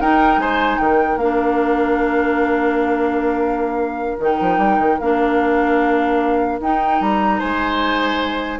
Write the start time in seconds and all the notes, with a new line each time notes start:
0.00 D#4 A#4 G5
0.37 G#3 C5 G#5
0.78 D#3 A#4 G5
1.16 A#3 D4 F5
4.19 D#3 D#4 G5
4.40 F3
4.58 G3
4.78 D#3
4.99 A#3 D4 F5
6.60 D#4 G5
7.00 G3 A#5
7.39 G#3 C5 G#5